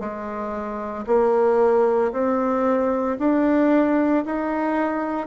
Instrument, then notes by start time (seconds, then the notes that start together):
bassoon
0.00 G#3
1.07 A#3
2.12 C4
3.19 D4
4.26 D#4